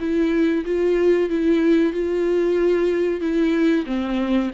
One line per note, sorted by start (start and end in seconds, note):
0.00 0.65 E4
0.65 1.29 F4
1.29 1.93 E4
1.93 3.21 F4
3.21 3.85 E4
3.86 4.51 C4